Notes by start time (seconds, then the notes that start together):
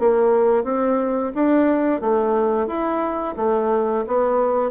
0.00 A#3
0.64 C4
1.35 D4
2.02 A3
2.67 E4
3.37 A3
4.08 B3